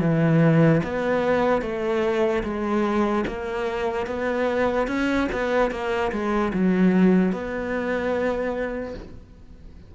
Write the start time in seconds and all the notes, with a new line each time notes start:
0.00 E3
0.83 B3
1.61 A3
2.43 G#3
3.27 A#3
4.06 B3
4.87 C#4
5.32 B3
5.71 A#3
6.11 G#3
6.53 F#3
7.32 B3